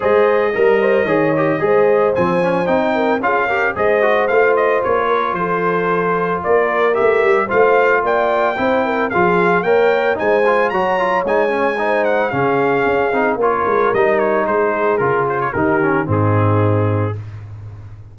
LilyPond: <<
  \new Staff \with { instrumentName = "trumpet" } { \time 4/4 \tempo 4 = 112 dis''1 | gis''4 g''4 f''4 dis''4 | f''8 dis''8 cis''4 c''2 | d''4 e''4 f''4 g''4~ |
g''4 f''4 g''4 gis''4 | ais''4 gis''4. fis''8 f''4~ | f''4 cis''4 dis''8 cis''8 c''4 | ais'8 c''16 cis''16 ais'4 gis'2 | }
  \new Staff \with { instrumentName = "horn" } { \time 4/4 c''4 ais'8 c''8 cis''4 c''4~ | c''4. ais'8 gis'8 ais'8 c''4~ | c''4. ais'8 a'2 | ais'2 c''4 d''4 |
c''8 ais'8 gis'4 cis''4 c''4 | cis''2 c''4 gis'4~ | gis'4 ais'2 gis'4~ | gis'4 g'4 dis'2 | }
  \new Staff \with { instrumentName = "trombone" } { \time 4/4 gis'4 ais'4 gis'8 g'8 gis'4 | c'8 cis'8 dis'4 f'8 g'8 gis'8 fis'8 | f'1~ | f'4 g'4 f'2 |
e'4 f'4 ais'4 dis'8 f'8 | fis'8 f'8 dis'8 cis'8 dis'4 cis'4~ | cis'8 dis'8 f'4 dis'2 | f'4 dis'8 cis'8 c'2 | }
  \new Staff \with { instrumentName = "tuba" } { \time 4/4 gis4 g4 dis4 gis4 | f4 c'4 cis'4 gis4 | a4 ais4 f2 | ais4 a8 g8 a4 ais4 |
c'4 f4 ais4 gis4 | fis4 gis2 cis4 | cis'8 c'8 ais8 gis8 g4 gis4 | cis4 dis4 gis,2 | }
>>